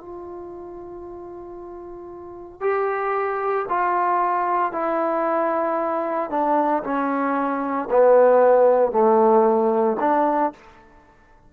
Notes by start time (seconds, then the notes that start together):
0.00 F4
2.61 G4
3.69 F4
4.72 E4
6.30 D4
6.83 C#4
7.91 B3
8.92 A3
10.00 D4